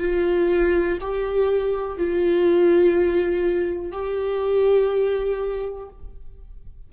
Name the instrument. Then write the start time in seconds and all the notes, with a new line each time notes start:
viola
0.00 F4
1.01 G4
1.98 F4
3.92 G4